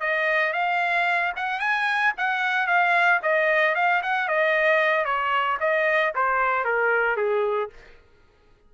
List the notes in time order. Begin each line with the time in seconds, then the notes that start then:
0.00 D#5
0.53 F5
1.36 F#5
1.60 G#5
2.17 F#5
2.67 F5
3.22 D#5
3.75 F5
4.02 F#5
4.28 D#5
5.05 C#5
5.60 D#5
6.15 C5
6.64 A#4
7.16 G#4